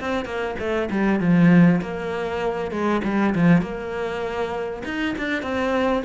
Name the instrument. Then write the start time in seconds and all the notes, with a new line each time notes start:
cello
0.00 C4
0.25 A#3
0.59 A3
0.90 G3
1.20 F3
1.81 A#3
2.71 G#3
3.04 G3
3.35 F3
3.61 A#3
4.85 D#4
5.18 D4
5.42 C4